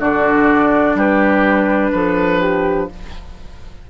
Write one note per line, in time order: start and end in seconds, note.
0.00 0.95 D3
0.00 2.90 D4
0.00 0.97 F#4
0.00 0.98 D5
0.95 1.92 G3
0.95 1.92 G4
0.95 1.96 B4
1.92 2.90 F3
1.92 2.41 A4
1.92 2.89 B4
2.41 2.89 G4